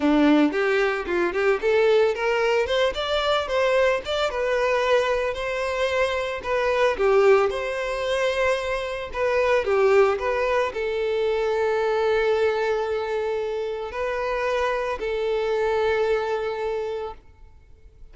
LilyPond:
\new Staff \with { instrumentName = "violin" } { \time 4/4 \tempo 4 = 112 d'4 g'4 f'8 g'8 a'4 | ais'4 c''8 d''4 c''4 d''8 | b'2 c''2 | b'4 g'4 c''2~ |
c''4 b'4 g'4 b'4 | a'1~ | a'2 b'2 | a'1 | }